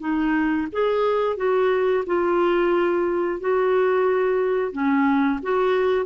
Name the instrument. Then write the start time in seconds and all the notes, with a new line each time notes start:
clarinet
0.00 D#4
0.72 G#4
1.37 F#4
2.06 F4
3.40 F#4
4.72 C#4
5.43 F#4